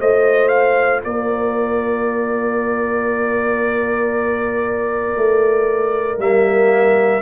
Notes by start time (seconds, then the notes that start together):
0.00 A3 F4 C5 D#5
0.49 F5
1.05 A#3 A#4 D5
5.17 A3
6.19 G3 A#3 E5